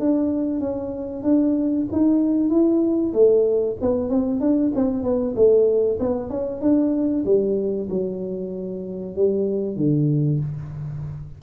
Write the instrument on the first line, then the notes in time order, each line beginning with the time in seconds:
tuba
0.00 D4
0.61 C#4
1.23 D4
1.92 D#4
2.50 E4
3.13 A3
3.82 B3
4.10 C4
4.41 D4
4.75 C4
5.03 B3
5.36 A3
6.00 B3
6.30 C#4
6.61 D4
7.26 G3
7.90 F#3
9.16 G3
9.77 D3